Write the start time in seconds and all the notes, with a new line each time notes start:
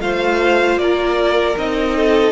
0.00 A3 F4 C5 F5
0.76 A#3 A#4 D5
1.57 C4 D#4 D#5
1.96 A4